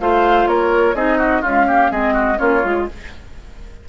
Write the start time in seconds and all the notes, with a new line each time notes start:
0.00 A3 F4 C5 F5
0.47 A#3 A#4 C#5
0.95 C4 D#4 G#4 D#5
1.18 F#4
1.42 G#3 C#4 F4 F5
1.68 A#3 G4
1.91 G#3 C4 G#4 D#5
2.14 F#4
2.37 A#3 C#4 F4 C#5
2.64 G#3 F4